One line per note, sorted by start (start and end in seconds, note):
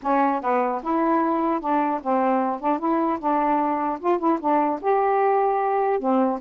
0.02 0.41 C#4
0.41 0.81 B3
0.82 1.60 E4
1.60 2.00 D4
2.02 2.60 C4
2.60 2.79 D4
2.79 3.19 E4
3.19 3.99 D4
3.99 4.18 F4
4.18 4.38 E4
4.39 4.79 D4
4.81 5.99 G4
5.99 6.39 C4